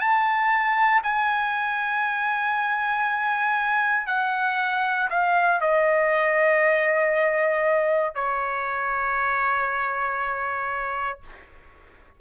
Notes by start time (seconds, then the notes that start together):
0.00 A5
1.04 G#5
4.07 F#5
5.10 F5
5.61 D#5
8.15 C#5